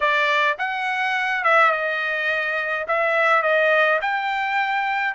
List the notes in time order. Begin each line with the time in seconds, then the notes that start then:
0.00 D5
0.58 F#5
1.43 E5
1.71 D#5
2.87 E5
3.42 D#5
4.01 G5